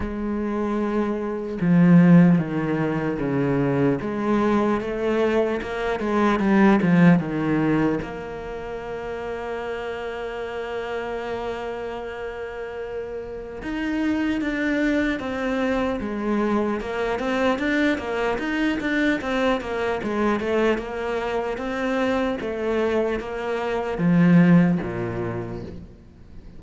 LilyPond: \new Staff \with { instrumentName = "cello" } { \time 4/4 \tempo 4 = 75 gis2 f4 dis4 | cis4 gis4 a4 ais8 gis8 | g8 f8 dis4 ais2~ | ais1~ |
ais4 dis'4 d'4 c'4 | gis4 ais8 c'8 d'8 ais8 dis'8 d'8 | c'8 ais8 gis8 a8 ais4 c'4 | a4 ais4 f4 ais,4 | }